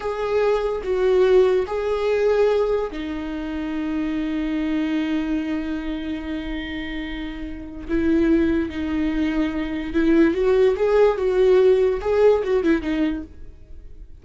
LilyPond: \new Staff \with { instrumentName = "viola" } { \time 4/4 \tempo 4 = 145 gis'2 fis'2 | gis'2. dis'4~ | dis'1~ | dis'1~ |
dis'2. e'4~ | e'4 dis'2. | e'4 fis'4 gis'4 fis'4~ | fis'4 gis'4 fis'8 e'8 dis'4 | }